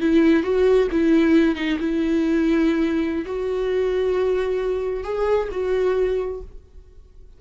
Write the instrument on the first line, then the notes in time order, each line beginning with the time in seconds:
viola
0.00 E4
0.43 F#4
0.91 E4
1.55 D#4
1.79 E4
3.26 F#4
5.04 G#4
5.51 F#4